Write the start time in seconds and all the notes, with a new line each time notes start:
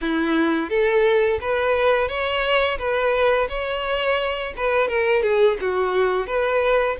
0.01 E4
0.69 A4
1.40 B4
2.08 C#5
2.78 B4
3.49 C#5
4.57 B4
4.88 A#4
5.22 G#4
5.60 F#4
6.26 B4